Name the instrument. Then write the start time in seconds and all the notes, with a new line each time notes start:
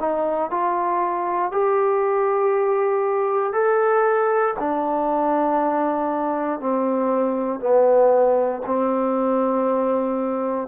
trombone
0.00 D#4
0.50 F4
1.52 G4
3.53 A4
4.59 D4
6.60 C4
7.60 B3
8.66 C4